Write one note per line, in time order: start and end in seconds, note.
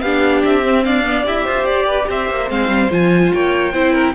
0.00 0.42 B3
0.00 0.62 D4
0.00 0.84 G4
0.00 0.41 F5
0.44 0.86 C4
0.44 0.84 E5
0.62 1.03 C4
0.84 1.27 D4
0.84 1.44 D5
0.84 1.25 F5
1.04 1.24 B3
1.24 1.46 E4
1.24 2.47 G4
1.24 1.65 E5
1.44 1.63 F4
1.44 1.85 C5
1.63 2.05 G4
1.63 2.06 D5
1.87 2.07 B4
2.09 2.29 C4
2.09 3.33 C5
2.09 2.50 E5
2.29 2.50 A#3
2.48 2.68 G#3
2.48 2.89 C4
2.48 2.91 F5
2.68 2.88 G3
2.90 3.32 F3
2.90 3.72 F4
2.90 3.33 G#5
3.33 3.73 A#3
3.33 3.73 C#5
3.33 4.14 G5
3.73 4.14 C4
3.73 4.14 E4
3.73 3.93 C5
3.93 4.13 A#4